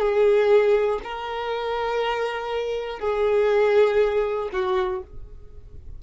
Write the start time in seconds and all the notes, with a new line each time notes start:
0.00 G#4
1.04 A#4
3.00 G#4
4.53 F#4